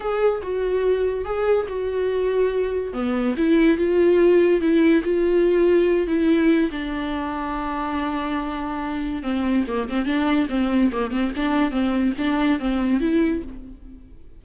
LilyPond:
\new Staff \with { instrumentName = "viola" } { \time 4/4 \tempo 4 = 143 gis'4 fis'2 gis'4 | fis'2. b4 | e'4 f'2 e'4 | f'2~ f'8 e'4. |
d'1~ | d'2 c'4 ais8 c'8 | d'4 c'4 ais8 c'8 d'4 | c'4 d'4 c'4 e'4 | }